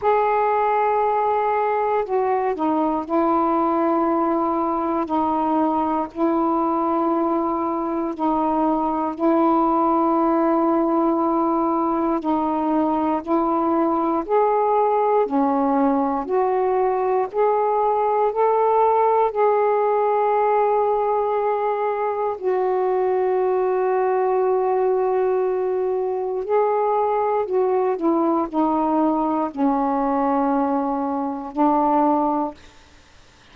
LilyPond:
\new Staff \with { instrumentName = "saxophone" } { \time 4/4 \tempo 4 = 59 gis'2 fis'8 dis'8 e'4~ | e'4 dis'4 e'2 | dis'4 e'2. | dis'4 e'4 gis'4 cis'4 |
fis'4 gis'4 a'4 gis'4~ | gis'2 fis'2~ | fis'2 gis'4 fis'8 e'8 | dis'4 cis'2 d'4 | }